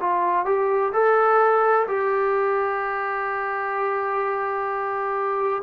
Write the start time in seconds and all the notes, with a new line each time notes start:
0.00 F4
0.45 G4
0.93 A4
1.87 G4